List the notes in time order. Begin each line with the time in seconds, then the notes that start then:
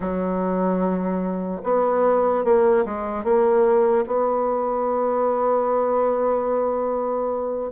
0.00 F#3
1.63 B3
2.44 A#3
2.85 G#3
3.24 A#3
4.06 B3